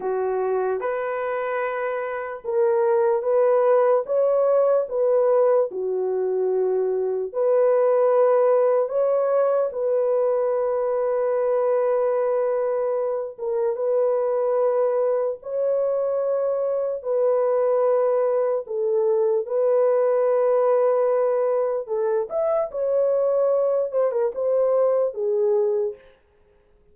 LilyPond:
\new Staff \with { instrumentName = "horn" } { \time 4/4 \tempo 4 = 74 fis'4 b'2 ais'4 | b'4 cis''4 b'4 fis'4~ | fis'4 b'2 cis''4 | b'1~ |
b'8 ais'8 b'2 cis''4~ | cis''4 b'2 a'4 | b'2. a'8 e''8 | cis''4. c''16 ais'16 c''4 gis'4 | }